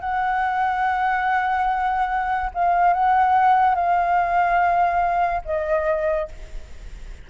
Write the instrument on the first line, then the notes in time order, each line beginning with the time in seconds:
flute
0.00 F#5
2.54 F5
2.93 F#5
3.75 F5
5.44 D#5